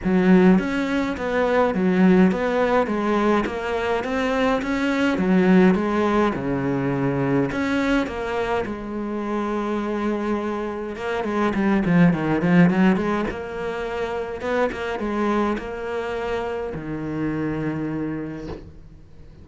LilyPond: \new Staff \with { instrumentName = "cello" } { \time 4/4 \tempo 4 = 104 fis4 cis'4 b4 fis4 | b4 gis4 ais4 c'4 | cis'4 fis4 gis4 cis4~ | cis4 cis'4 ais4 gis4~ |
gis2. ais8 gis8 | g8 f8 dis8 f8 fis8 gis8 ais4~ | ais4 b8 ais8 gis4 ais4~ | ais4 dis2. | }